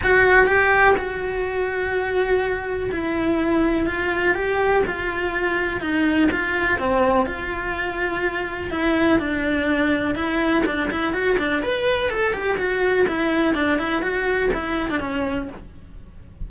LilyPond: \new Staff \with { instrumentName = "cello" } { \time 4/4 \tempo 4 = 124 fis'4 g'4 fis'2~ | fis'2 e'2 | f'4 g'4 f'2 | dis'4 f'4 c'4 f'4~ |
f'2 e'4 d'4~ | d'4 e'4 d'8 e'8 fis'8 d'8 | b'4 a'8 g'8 fis'4 e'4 | d'8 e'8 fis'4 e'8. d'16 cis'4 | }